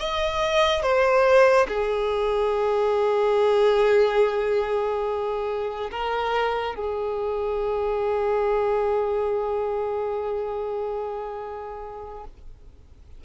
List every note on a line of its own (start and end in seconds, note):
0.00 0.83 D#5
0.83 1.67 C5
1.68 5.91 G#4
5.92 6.76 A#4
6.76 12.25 G#4